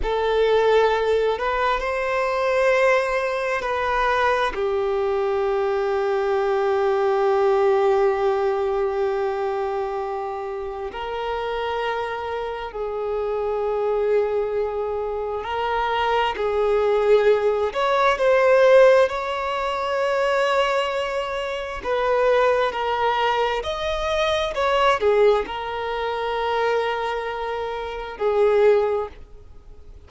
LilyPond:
\new Staff \with { instrumentName = "violin" } { \time 4/4 \tempo 4 = 66 a'4. b'8 c''2 | b'4 g'2.~ | g'1 | ais'2 gis'2~ |
gis'4 ais'4 gis'4. cis''8 | c''4 cis''2. | b'4 ais'4 dis''4 cis''8 gis'8 | ais'2. gis'4 | }